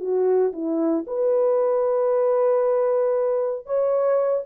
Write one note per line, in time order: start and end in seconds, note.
0.00 0.52 F#4
0.53 1.05 E4
1.06 3.66 B4
3.66 4.44 C#5